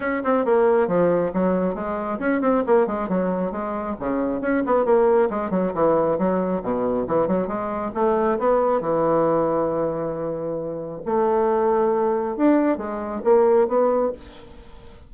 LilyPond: \new Staff \with { instrumentName = "bassoon" } { \time 4/4 \tempo 4 = 136 cis'8 c'8 ais4 f4 fis4 | gis4 cis'8 c'8 ais8 gis8 fis4 | gis4 cis4 cis'8 b8 ais4 | gis8 fis8 e4 fis4 b,4 |
e8 fis8 gis4 a4 b4 | e1~ | e4 a2. | d'4 gis4 ais4 b4 | }